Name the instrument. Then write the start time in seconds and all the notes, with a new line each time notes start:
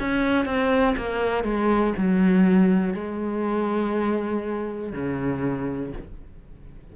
cello
0.00 C#4
0.45 C4
0.97 A#3
1.44 G#3
1.98 F#3
2.94 G#3
4.93 C#3